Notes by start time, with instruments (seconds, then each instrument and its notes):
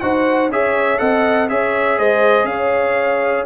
0.00 tuba D#4, trombone F#4, horn C5, trumpet F#5
0.48 tuba C#4, trombone G#4, horn C#5, trumpet E5
0.98 tuba C4, trombone A4, horn D#5, trumpet F#5
1.48 tuba C#4, trombone G#4, horn C#5, trumpet E5
1.97 tuba G#3, horn C5, trumpet D#5
2.44 tuba C#4, horn C#5, trumpet F5